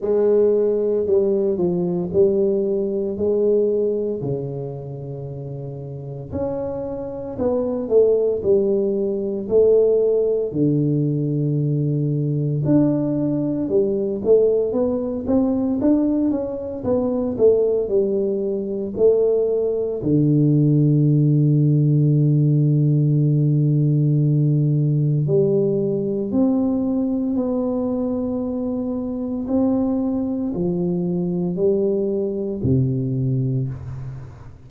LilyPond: \new Staff \with { instrumentName = "tuba" } { \time 4/4 \tempo 4 = 57 gis4 g8 f8 g4 gis4 | cis2 cis'4 b8 a8 | g4 a4 d2 | d'4 g8 a8 b8 c'8 d'8 cis'8 |
b8 a8 g4 a4 d4~ | d1 | g4 c'4 b2 | c'4 f4 g4 c4 | }